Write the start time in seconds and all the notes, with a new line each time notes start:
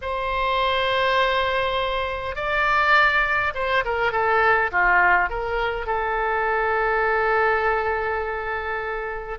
0.01 C5
2.35 D5
3.54 C5
3.84 A#4
4.12 A4
4.71 F4
5.29 A#4
5.86 A4